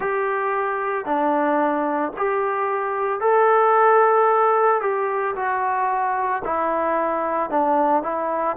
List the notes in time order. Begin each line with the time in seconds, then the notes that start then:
0.00 G4
1.05 D4
2.17 G4
3.20 A4
4.81 G4
5.35 F#4
6.44 E4
7.50 D4
8.03 E4